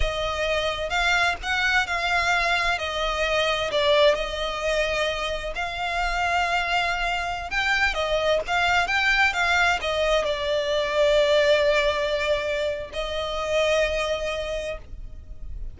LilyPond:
\new Staff \with { instrumentName = "violin" } { \time 4/4 \tempo 4 = 130 dis''2 f''4 fis''4 | f''2 dis''2 | d''4 dis''2. | f''1~ |
f''16 g''4 dis''4 f''4 g''8.~ | g''16 f''4 dis''4 d''4.~ d''16~ | d''1 | dis''1 | }